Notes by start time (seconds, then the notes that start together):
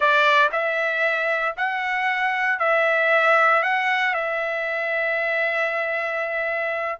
0.00 D5
0.51 E5
1.56 F#5
2.59 E5
3.62 F#5
4.14 E5